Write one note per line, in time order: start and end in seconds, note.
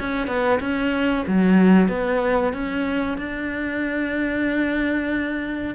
0.00 0.27 C#4
0.27 0.60 B3
0.60 1.25 C#4
1.28 1.89 F#3
1.89 2.53 B3
2.53 3.18 C#4
3.18 5.75 D4